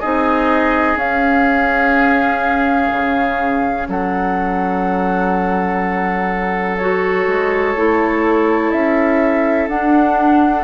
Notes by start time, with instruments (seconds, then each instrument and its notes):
0.00 bassoon C4, clarinet D#4, oboe G#4, flute D#5
0.96 bassoon C#4, clarinet C#4, flute F5
2.92 bassoon C#3
3.88 bassoon F#3, oboe A4, flute F#5
6.77 clarinet F#4, flute C#5
7.27 bassoon G#3
7.76 bassoon A3, clarinet E4
8.71 bassoon C#4, flute E5
9.68 bassoon D4, clarinet D4, flute F#5